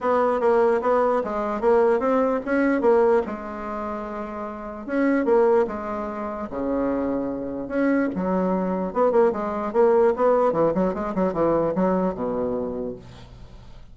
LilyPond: \new Staff \with { instrumentName = "bassoon" } { \time 4/4 \tempo 4 = 148 b4 ais4 b4 gis4 | ais4 c'4 cis'4 ais4 | gis1 | cis'4 ais4 gis2 |
cis2. cis'4 | fis2 b8 ais8 gis4 | ais4 b4 e8 fis8 gis8 fis8 | e4 fis4 b,2 | }